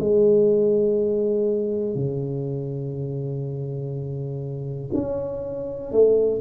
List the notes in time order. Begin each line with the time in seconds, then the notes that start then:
0.00 G#3
1.95 C#3
4.94 C#4
5.92 A3